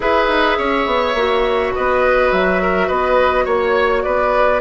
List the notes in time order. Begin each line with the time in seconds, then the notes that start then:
0.00 E4 G#4 B4 E5
0.28 D#4
0.57 C#4 C#5
0.86 B3
1.14 A#3 F#4
1.74 B3 B4 D#5
2.31 F#3 E5
2.62 A#4
2.87 B3 B4 D#5
3.44 A#3 C#5
4.02 B3 B4 D5